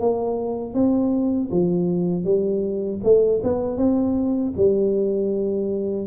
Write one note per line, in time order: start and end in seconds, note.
0.00 0.74 A#3
0.74 1.50 C4
1.51 2.24 F3
2.24 3.00 G3
3.03 3.41 A3
3.43 3.77 B3
3.77 4.53 C4
4.56 6.07 G3